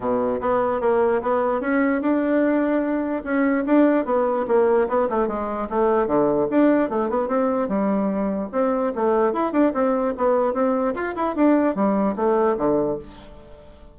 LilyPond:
\new Staff \with { instrumentName = "bassoon" } { \time 4/4 \tempo 4 = 148 b,4 b4 ais4 b4 | cis'4 d'2. | cis'4 d'4 b4 ais4 | b8 a8 gis4 a4 d4 |
d'4 a8 b8 c'4 g4~ | g4 c'4 a4 e'8 d'8 | c'4 b4 c'4 f'8 e'8 | d'4 g4 a4 d4 | }